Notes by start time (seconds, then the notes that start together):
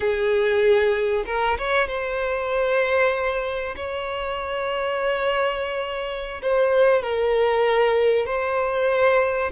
0.00 G#4
1.26 A#4
1.58 C#5
1.87 C5
3.76 C#5
6.41 C5
7.02 A#4
8.26 C5